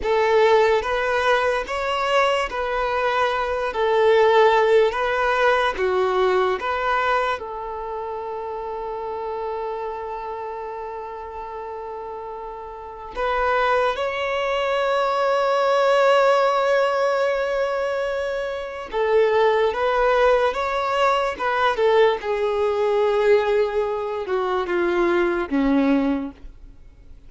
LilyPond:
\new Staff \with { instrumentName = "violin" } { \time 4/4 \tempo 4 = 73 a'4 b'4 cis''4 b'4~ | b'8 a'4. b'4 fis'4 | b'4 a'2.~ | a'1 |
b'4 cis''2.~ | cis''2. a'4 | b'4 cis''4 b'8 a'8 gis'4~ | gis'4. fis'8 f'4 cis'4 | }